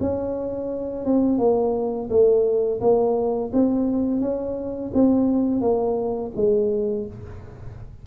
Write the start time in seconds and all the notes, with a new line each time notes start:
0.00 C#4
1.05 C4
1.38 A#3
2.10 A3
2.80 A#3
3.53 C4
4.20 C#4
4.93 C4
5.61 A#3
6.36 G#3